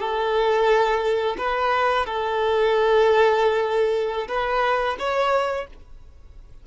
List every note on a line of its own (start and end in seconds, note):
0.00 1.36 A4
1.38 2.06 B4
2.06 4.28 A4
4.28 4.96 B4
4.99 5.67 C#5